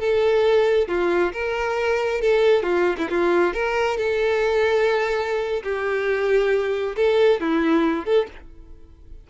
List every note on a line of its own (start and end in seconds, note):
0.00 0.88 A4
0.88 1.33 F4
1.33 2.21 A#4
2.22 2.63 A4
2.63 2.96 F4
2.98 3.09 E4
3.10 3.54 F4
3.54 3.98 A#4
3.98 5.63 A4
5.63 6.96 G4
6.96 7.40 A4
7.41 8.05 E4
8.05 8.27 A4